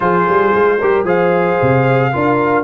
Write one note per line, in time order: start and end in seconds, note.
0.00 0.27 F3
0.00 0.78 F4
0.00 0.78 G#4
0.00 1.06 C5
0.28 0.55 G3
0.55 0.81 G#3
0.78 1.04 G3
0.78 1.05 G4
0.78 1.05 A#4
1.04 1.57 F3
1.04 2.11 G#4
1.04 2.11 C5
1.04 2.64 F5
1.61 2.14 C3
2.12 2.64 D4
2.12 2.64 F4
2.12 2.64 A#4